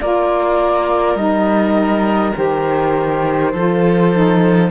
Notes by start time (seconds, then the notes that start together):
0.00 A#3 F4 A#4 D5
1.14 G3 D#4 D#5
2.34 D#3 G4 C5
3.52 F3 F4 A4
4.13 D#4